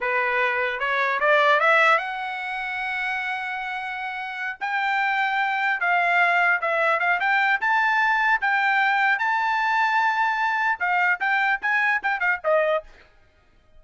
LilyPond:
\new Staff \with { instrumentName = "trumpet" } { \time 4/4 \tempo 4 = 150 b'2 cis''4 d''4 | e''4 fis''2.~ | fis''2.~ fis''8 g''8~ | g''2~ g''8 f''4.~ |
f''8 e''4 f''8 g''4 a''4~ | a''4 g''2 a''4~ | a''2. f''4 | g''4 gis''4 g''8 f''8 dis''4 | }